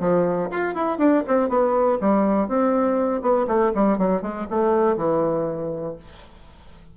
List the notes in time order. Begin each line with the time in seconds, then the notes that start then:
0.00 F3
0.51 F4
0.75 E4
0.98 D4
1.28 C4
1.49 B3
2.01 G3
2.48 C4
3.22 B3
3.48 A3
3.75 G3
3.98 F#3
4.22 G#3
4.50 A3
4.97 E3